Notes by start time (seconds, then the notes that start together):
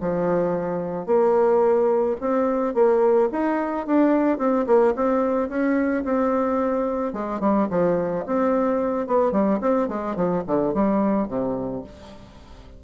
0.00 F3
1.06 A#3
2.21 C4
2.74 A#3
3.32 D#4
3.86 D4
4.38 C4
4.66 A#3
4.96 C4
5.49 C#4
6.04 C4
7.13 G#3
7.40 G3
7.70 F3
8.26 C4
9.07 B3
9.32 G3
9.61 C4
9.88 G#3
10.16 F3
10.47 D3
10.74 G3
11.28 C3